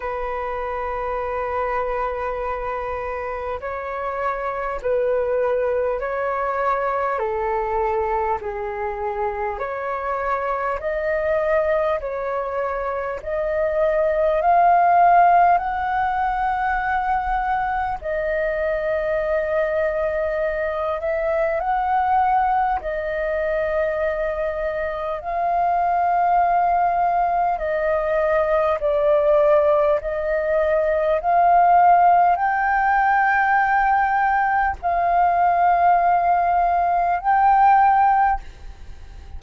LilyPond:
\new Staff \with { instrumentName = "flute" } { \time 4/4 \tempo 4 = 50 b'2. cis''4 | b'4 cis''4 a'4 gis'4 | cis''4 dis''4 cis''4 dis''4 | f''4 fis''2 dis''4~ |
dis''4. e''8 fis''4 dis''4~ | dis''4 f''2 dis''4 | d''4 dis''4 f''4 g''4~ | g''4 f''2 g''4 | }